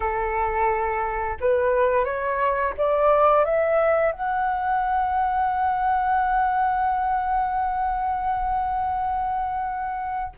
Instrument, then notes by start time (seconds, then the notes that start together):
flute
0.00 A4
1.40 B4
2.04 C#5
2.77 D5
3.44 E5
4.12 F#5